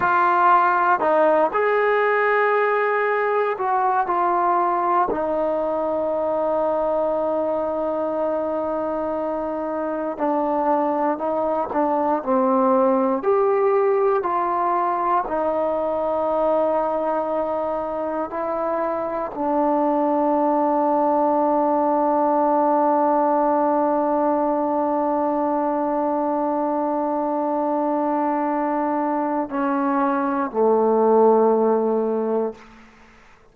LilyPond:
\new Staff \with { instrumentName = "trombone" } { \time 4/4 \tempo 4 = 59 f'4 dis'8 gis'2 fis'8 | f'4 dis'2.~ | dis'2 d'4 dis'8 d'8 | c'4 g'4 f'4 dis'4~ |
dis'2 e'4 d'4~ | d'1~ | d'1~ | d'4 cis'4 a2 | }